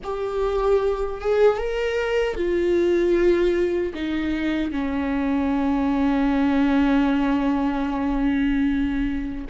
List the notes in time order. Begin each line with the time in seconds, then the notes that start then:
0.03 G4
1.21 G#4
1.57 A#4
2.35 F4
3.94 D#4
4.71 C#4